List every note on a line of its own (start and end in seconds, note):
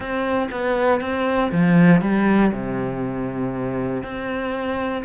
0.00 0.49 C4
0.51 1.00 B3
1.00 1.51 C4
1.51 2.01 F3
2.01 2.51 G3
2.52 4.03 C3
4.03 5.04 C4